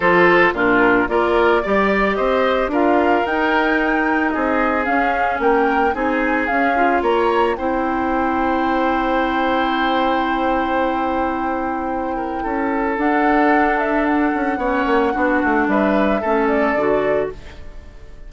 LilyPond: <<
  \new Staff \with { instrumentName = "flute" } { \time 4/4 \tempo 4 = 111 c''4 ais'4 d''2 | dis''4 f''4 g''2 | dis''4 f''4 g''4 gis''4 | f''4 ais''4 g''2~ |
g''1~ | g''1 | fis''4. e''8 fis''2~ | fis''4 e''4. d''4. | }
  \new Staff \with { instrumentName = "oboe" } { \time 4/4 a'4 f'4 ais'4 d''4 | c''4 ais'2. | gis'2 ais'4 gis'4~ | gis'4 cis''4 c''2~ |
c''1~ | c''2~ c''8 ais'8 a'4~ | a'2. cis''4 | fis'4 b'4 a'2 | }
  \new Staff \with { instrumentName = "clarinet" } { \time 4/4 f'4 d'4 f'4 g'4~ | g'4 f'4 dis'2~ | dis'4 cis'2 dis'4 | cis'8 f'4. e'2~ |
e'1~ | e'1 | d'2. cis'4 | d'2 cis'4 fis'4 | }
  \new Staff \with { instrumentName = "bassoon" } { \time 4/4 f4 ais,4 ais4 g4 | c'4 d'4 dis'2 | c'4 cis'4 ais4 c'4 | cis'4 ais4 c'2~ |
c'1~ | c'2. cis'4 | d'2~ d'8 cis'8 b8 ais8 | b8 a8 g4 a4 d4 | }
>>